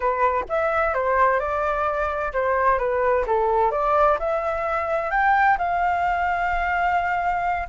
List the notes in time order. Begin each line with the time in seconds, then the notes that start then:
0.00 B4
0.49 E5
0.94 C5
1.39 D5
2.33 C5
2.78 B4
3.26 A4
3.71 D5
4.19 E5
5.10 G5
5.58 F5